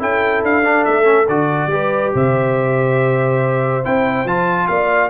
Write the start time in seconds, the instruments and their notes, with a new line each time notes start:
0.00 tuba C#4, trombone E4, horn A4, trumpet G5
0.44 tuba D4, trumpet F5
0.65 trombone D4
0.85 tuba A3, trumpet E5
1.04 trombone C#4
1.29 tuba D3, trombone F#4, trumpet D5
1.68 tuba G3, trombone G4, horn B4
2.15 tuba C3, horn C5, trumpet E5
3.84 tuba C4, trombone E4, trumpet G5
4.26 tuba F3, trombone F4, trumpet A5
4.68 tuba A#3, horn D5, trumpet F5